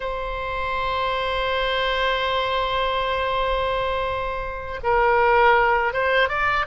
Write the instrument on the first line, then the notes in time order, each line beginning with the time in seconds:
oboe
0.00 C5
4.83 A#4
5.93 C5
6.29 D5